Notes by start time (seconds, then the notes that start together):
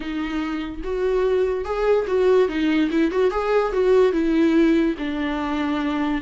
0.00 D#4
0.83 F#4
1.64 G#4
2.07 F#4
2.48 D#4
2.90 E4
3.11 F#4
3.30 G#4
3.72 F#4
4.12 E4
4.98 D4